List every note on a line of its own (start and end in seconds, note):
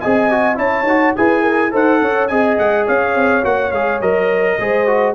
0.00 0.58 C4
0.00 0.30 G#4
0.00 0.58 D#5
0.00 0.57 G#5
0.30 0.55 F#4
0.55 0.83 C#4
0.55 0.84 E4
0.55 1.15 C#5
0.55 1.15 A5
0.83 1.11 D#4
0.83 1.16 F#4
1.16 1.73 E4
1.16 1.71 G#4
1.16 1.42 B4
1.16 1.73 G#5
1.42 1.70 A#4
1.71 2.01 D#4
1.71 2.28 A4
1.71 2.01 C5
1.71 2.27 F#5
2.01 2.29 C#4
2.01 2.30 C#5
2.27 2.58 C4
2.27 3.42 G#4
2.27 2.87 D#5
2.27 2.56 G#5
2.58 2.87 G#3
2.58 2.86 F#5
2.87 3.15 C#4
2.87 4.58 C#5
2.87 3.45 F5
3.15 3.44 C4
3.42 3.72 A#3
3.42 3.71 F#4
3.42 3.71 F#5
3.71 4.00 G#3
3.71 4.02 G#4
3.71 4.00 F5
4.01 4.58 F#3
4.01 4.59 A#4
4.01 5.15 D#5
4.59 5.15 G#3
4.59 4.87 G#4
4.59 5.15 C5
4.87 5.15 F#4